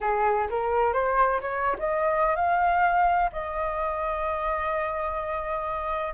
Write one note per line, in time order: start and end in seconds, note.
0.00 0.48 G#4
0.50 0.93 A#4
0.93 1.40 C5
1.41 1.76 C#5
1.78 2.35 D#5
2.35 3.30 F5
3.32 6.14 D#5